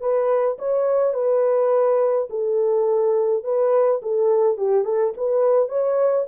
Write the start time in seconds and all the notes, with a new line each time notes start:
0.00 B4
0.58 C#5
1.14 B4
2.30 A4
3.44 B4
4.02 A4
4.57 G4
4.84 A4
5.17 B4
5.68 C#5